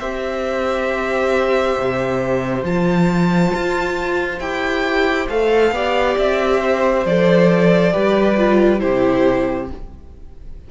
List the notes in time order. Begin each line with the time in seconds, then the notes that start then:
0.00 C4 G4 C5 E5
1.79 C3
2.63 F3 F4 A5
3.54 F4
4.40 E4 G4 G5
5.30 A3 A4 F5
5.72 B3 G4 D5
6.19 C4 E5
6.61 C5
7.06 F3 A4 D5
7.92 G3 G4 B4
8.37 F4
8.80 C3 E4 G4 C5